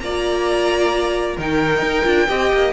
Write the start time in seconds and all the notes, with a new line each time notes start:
0.00 A#3 F4 D5 A#5
1.36 D#3 D#4 A#4 G5
1.82 D#4
2.04 D4 F4
2.28 C4 G4 D#5
2.52 A#3